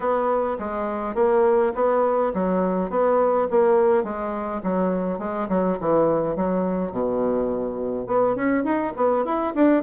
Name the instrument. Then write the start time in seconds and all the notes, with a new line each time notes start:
bassoon
0.00 B3
0.59 G#3
1.15 A#3
1.74 B3
2.34 F#3
2.90 B3
3.50 A#3
4.03 G#3
4.63 F#3
5.18 G#3
5.49 F#3
5.80 E3
6.36 F#3
6.91 B2
8.06 B3
8.35 C#4
8.64 D#4
8.96 B3
9.24 E4
9.55 D4